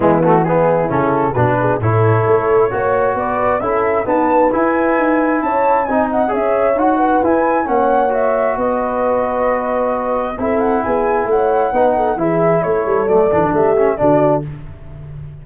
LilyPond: <<
  \new Staff \with { instrumentName = "flute" } { \time 4/4 \tempo 4 = 133 e'8 fis'8 gis'4 a'4 b'4 | cis''2. d''4 | e''4 a''4 gis''2 | a''4 gis''8 fis''8 e''4 fis''4 |
gis''4 fis''4 e''4 dis''4~ | dis''2. e''8 fis''8 | gis''4 fis''2 e''4 | cis''4 d''4 e''4 d''4 | }
  \new Staff \with { instrumentName = "horn" } { \time 4/4 b4 e'2 fis'8 gis'8 | a'2 cis''4 b'4 | a'4 b'2. | cis''4 dis''4 cis''4. b'8~ |
b'4 cis''2 b'4~ | b'2. a'4 | gis'4 cis''4 b'8 a'8 gis'4 | a'2 g'4 fis'4 | }
  \new Staff \with { instrumentName = "trombone" } { \time 4/4 gis8 a8 b4 cis'4 d'4 | e'2 fis'2 | e'4 b4 e'2~ | e'4 dis'4 gis'4 fis'4 |
e'4 cis'4 fis'2~ | fis'2. e'4~ | e'2 dis'4 e'4~ | e'4 a8 d'4 cis'8 d'4 | }
  \new Staff \with { instrumentName = "tuba" } { \time 4/4 e2 cis4 b,4 | a,4 a4 ais4 b4 | cis'4 dis'4 e'4 dis'4 | cis'4 c'4 cis'4 dis'4 |
e'4 ais2 b4~ | b2. c'4 | b4 a4 b4 e4 | a8 g8 fis8 e16 d16 a4 d4 | }
>>